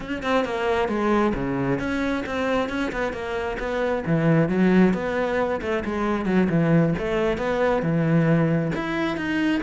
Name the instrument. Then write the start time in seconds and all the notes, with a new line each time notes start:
cello
0.00 C#4
0.22 C4
0.45 A#3
0.88 G#3
1.34 C#3
1.79 C#4
2.26 C4
2.69 C#4
2.91 B3
3.12 A#3
3.59 B3
4.06 E3
4.48 F#3
4.93 B3
5.61 A3
5.84 G#3
6.25 F#3
6.49 E3
6.98 A3
7.37 B3
7.82 E3
8.75 E4
9.16 D#4